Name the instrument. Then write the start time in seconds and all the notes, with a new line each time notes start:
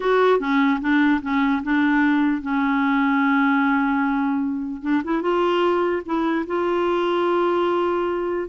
clarinet
0.00 F#4
0.39 C#4
0.80 D4
1.22 C#4
1.63 D4
2.41 C#4
4.82 D4
5.04 E4
5.21 F4
6.05 E4
6.46 F4